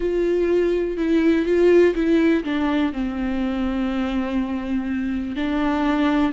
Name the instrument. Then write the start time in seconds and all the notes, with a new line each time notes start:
viola
0.00 F4
0.97 E4
1.45 F4
1.94 E4
2.44 D4
2.92 C4
5.35 D4